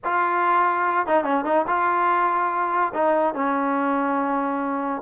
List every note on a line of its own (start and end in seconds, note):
0.04 1.06 F4
1.06 1.24 D#4
1.24 1.44 C#4
1.44 1.65 D#4
1.67 2.93 F4
2.94 3.34 D#4
3.34 5.02 C#4